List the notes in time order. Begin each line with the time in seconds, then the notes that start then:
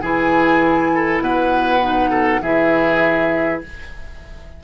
0.00 E3 E4 G#4 G#5
0.94 A4
1.20 B2 B4 F#5
1.81 D#4
2.10 A4
2.41 E3 E4 G#4 E5